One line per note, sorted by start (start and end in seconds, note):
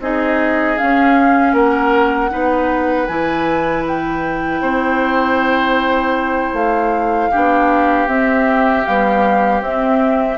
0.00 0.77 C4
0.00 0.78 D#4
0.00 1.54 G#4
0.00 0.78 D#5
0.78 2.30 C#4
0.78 1.54 C#4
0.78 1.55 F5
1.54 2.30 A#3
1.54 2.30 A#4
1.54 3.07 F#5
2.30 3.08 B3
2.30 3.07 D#4
2.30 4.62 B4
3.07 4.62 E3
3.07 7.32 E4
3.07 3.84 G#5
3.87 6.55 G5
4.62 6.53 C4
4.62 7.31 C5
6.53 7.30 A3
6.53 8.08 F5
7.31 8.08 B3
7.31 8.08 D4
7.31 10.38 G4
8.08 8.85 C4
8.08 8.85 E5
8.85 9.62 G3
8.85 9.61 B3
8.85 9.62 F5
9.61 10.38 C4
9.61 10.38 E5